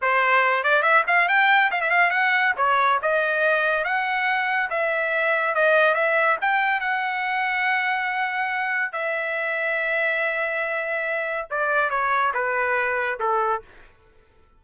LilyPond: \new Staff \with { instrumentName = "trumpet" } { \time 4/4 \tempo 4 = 141 c''4. d''8 e''8 f''8 g''4 | f''16 e''16 f''8 fis''4 cis''4 dis''4~ | dis''4 fis''2 e''4~ | e''4 dis''4 e''4 g''4 |
fis''1~ | fis''4 e''2.~ | e''2. d''4 | cis''4 b'2 a'4 | }